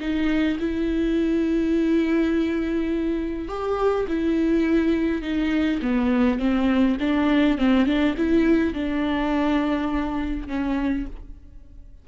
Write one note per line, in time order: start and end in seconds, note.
0.00 0.58 D#4
0.60 3.48 E4
3.48 4.07 G4
4.08 5.22 E4
5.22 5.80 D#4
5.82 6.39 B3
6.39 6.97 C4
7.00 7.58 D4
7.58 7.86 C4
7.86 8.15 D4
8.17 8.74 E4
8.74 10.48 D4
10.48 11.06 C#4